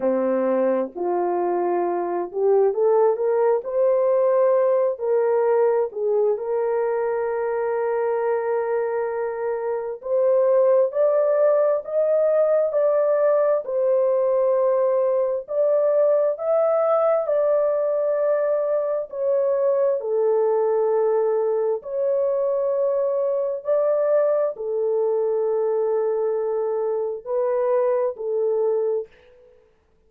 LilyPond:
\new Staff \with { instrumentName = "horn" } { \time 4/4 \tempo 4 = 66 c'4 f'4. g'8 a'8 ais'8 | c''4. ais'4 gis'8 ais'4~ | ais'2. c''4 | d''4 dis''4 d''4 c''4~ |
c''4 d''4 e''4 d''4~ | d''4 cis''4 a'2 | cis''2 d''4 a'4~ | a'2 b'4 a'4 | }